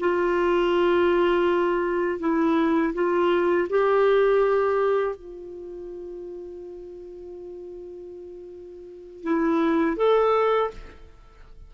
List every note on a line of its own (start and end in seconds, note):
0.00 2.20 F4
2.20 2.94 E4
2.94 3.68 F4
3.70 5.16 G4
5.16 9.23 F4
9.23 9.97 E4
9.97 10.71 A4